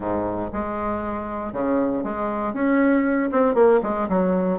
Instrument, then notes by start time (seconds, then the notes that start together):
bassoon
0.00 G#2
0.52 G#3
1.52 C#3
2.03 G#3
2.53 C#4
3.31 C4
3.54 A#3
3.83 G#3
4.08 F#3